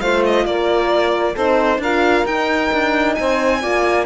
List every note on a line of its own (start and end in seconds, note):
0.00 0.45 A3
0.00 1.36 F4
0.00 0.46 C5
0.00 0.23 F5
0.25 0.45 D#5
0.45 1.35 A#3
0.45 1.33 A#4
0.45 1.36 D5
1.33 1.78 C4
1.33 1.81 D#4
1.33 1.78 A4
1.33 1.81 C5
1.78 2.23 D4
1.78 2.27 F4
1.78 3.16 A#4
1.78 2.26 F5
2.25 2.70 D#4
2.25 3.61 D#4
2.25 3.14 G5
2.72 3.18 D4
3.14 3.63 C4
3.14 3.61 C5
3.14 4.05 G#5
3.61 4.05 A#3
3.61 4.05 F4
3.61 4.05 D5